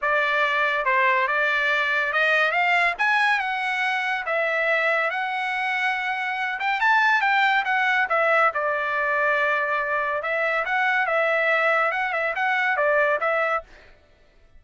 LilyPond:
\new Staff \with { instrumentName = "trumpet" } { \time 4/4 \tempo 4 = 141 d''2 c''4 d''4~ | d''4 dis''4 f''4 gis''4 | fis''2 e''2 | fis''2.~ fis''8 g''8 |
a''4 g''4 fis''4 e''4 | d''1 | e''4 fis''4 e''2 | fis''8 e''8 fis''4 d''4 e''4 | }